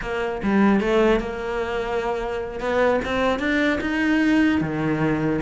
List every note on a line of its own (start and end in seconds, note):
0.01 0.41 A#3
0.43 0.80 G3
0.80 1.20 A3
1.20 2.60 A#3
2.60 3.00 B3
3.04 3.39 C4
3.39 3.79 D4
3.80 4.60 D#4
4.60 5.40 D#3